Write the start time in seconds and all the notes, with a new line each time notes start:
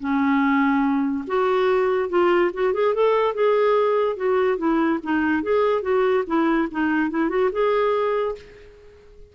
0.00 C#4
1.27 F#4
2.09 F4
2.54 F#4
2.73 G#4
2.95 A4
3.35 G#4
4.16 F#4
4.58 E4
5.03 D#4
5.43 G#4
5.82 F#4
6.27 E4
6.71 D#4
7.10 E4
7.29 F#4
7.52 G#4